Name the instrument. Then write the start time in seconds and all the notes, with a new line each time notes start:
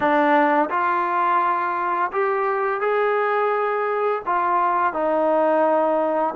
trombone
0.00 D4
0.70 F4
2.12 G4
2.80 G#4
4.25 F4
4.93 D#4